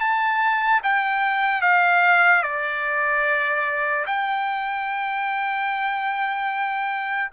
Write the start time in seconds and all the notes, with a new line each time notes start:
0.00 A5
0.83 G5
1.62 F5
2.43 D5
4.07 G5